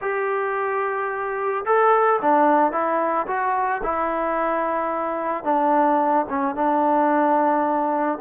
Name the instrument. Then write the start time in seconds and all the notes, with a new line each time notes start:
trombone
0.01 G4
1.65 A4
2.21 D4
2.71 E4
3.27 F#4
3.83 E4
5.44 D4
6.29 C#4
6.55 D4